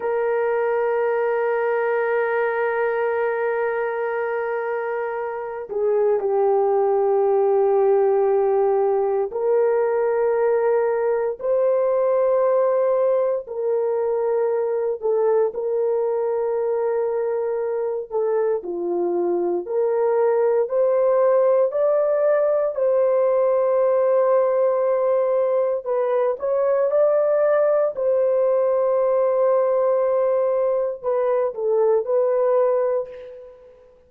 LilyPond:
\new Staff \with { instrumentName = "horn" } { \time 4/4 \tempo 4 = 58 ais'1~ | ais'4. gis'8 g'2~ | g'4 ais'2 c''4~ | c''4 ais'4. a'8 ais'4~ |
ais'4. a'8 f'4 ais'4 | c''4 d''4 c''2~ | c''4 b'8 cis''8 d''4 c''4~ | c''2 b'8 a'8 b'4 | }